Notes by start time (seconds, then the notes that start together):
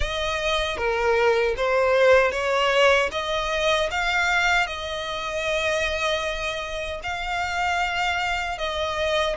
0.00 D#5
0.77 A#4
1.57 C5
2.31 C#5
3.11 D#5
3.90 F5
4.66 D#5
7.03 F5
8.57 D#5